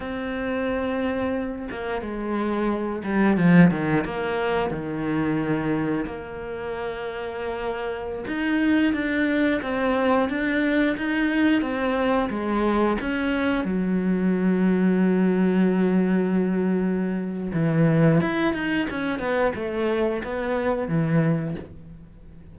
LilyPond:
\new Staff \with { instrumentName = "cello" } { \time 4/4 \tempo 4 = 89 c'2~ c'8 ais8 gis4~ | gis8 g8 f8 dis8 ais4 dis4~ | dis4 ais2.~ | ais16 dis'4 d'4 c'4 d'8.~ |
d'16 dis'4 c'4 gis4 cis'8.~ | cis'16 fis2.~ fis8.~ | fis2 e4 e'8 dis'8 | cis'8 b8 a4 b4 e4 | }